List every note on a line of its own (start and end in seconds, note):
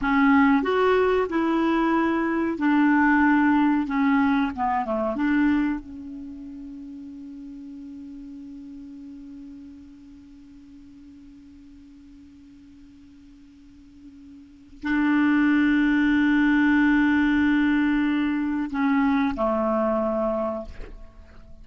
0.01 0.62 C#4
0.62 1.27 F#4
1.29 2.58 E4
2.58 3.87 D4
3.87 4.51 C#4
4.55 4.85 B3
4.85 5.15 A3
5.15 5.79 D4
5.79 14.82 C#4
14.82 18.69 D4
18.70 19.35 C#4
19.36 20.65 A3